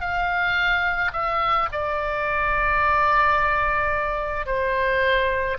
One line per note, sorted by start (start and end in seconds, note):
0.00 1.11 F5
1.13 1.68 E5
1.71 4.45 D5
4.45 5.57 C5